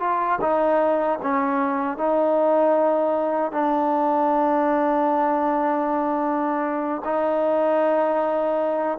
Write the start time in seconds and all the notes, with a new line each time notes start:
0.00 F4
0.41 D#4
1.22 C#4
1.98 D#4
3.52 D4
7.05 D#4